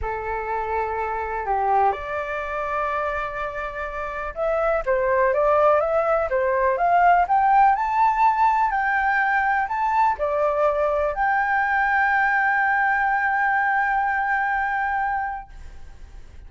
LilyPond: \new Staff \with { instrumentName = "flute" } { \time 4/4 \tempo 4 = 124 a'2. g'4 | d''1~ | d''4 e''4 c''4 d''4 | e''4 c''4 f''4 g''4 |
a''2 g''2 | a''4 d''2 g''4~ | g''1~ | g''1 | }